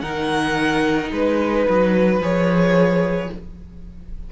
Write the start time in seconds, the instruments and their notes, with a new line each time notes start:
0.00 cello D#3, viola D#4, violin A#4 F#5
1.11 cello G#3, violin B4
1.69 cello F#3
2.20 cello F3, viola G#4, violin C#5